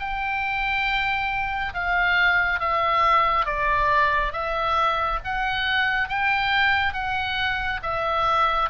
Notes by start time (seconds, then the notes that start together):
0.00 G5
1.74 F5
2.60 E5
3.46 D5
4.33 E5
5.24 F#5
6.09 G5
6.94 F#5
7.83 E5